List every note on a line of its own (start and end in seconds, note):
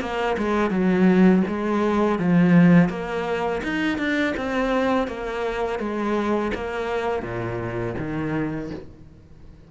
0.00 0.36 A#3
0.37 0.70 G#3
0.70 1.43 F#3
1.47 2.19 G#3
2.19 2.89 F3
2.89 3.61 A#3
3.63 3.98 D#4
3.98 4.34 D4
4.36 5.07 C4
5.07 5.79 A#3
5.79 6.51 G#3
6.54 7.22 A#3
7.22 7.95 A#2
7.98 8.70 D#3